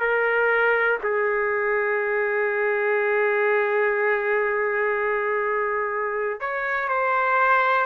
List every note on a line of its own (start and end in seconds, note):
0.00 0.98 A#4
1.03 6.40 G#4
6.40 6.89 C#5
6.89 7.86 C5